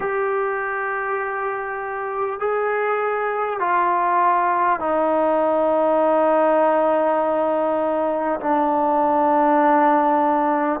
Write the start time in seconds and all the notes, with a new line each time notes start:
0.00 G4
2.39 G#4
3.59 F4
4.79 D#4
8.40 D4